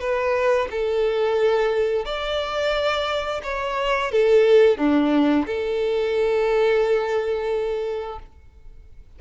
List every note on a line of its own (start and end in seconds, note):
0.00 0.68 B4
0.71 2.05 A4
2.05 3.42 D5
3.43 4.12 C#5
4.12 4.78 A4
4.78 5.46 D4
5.47 8.19 A4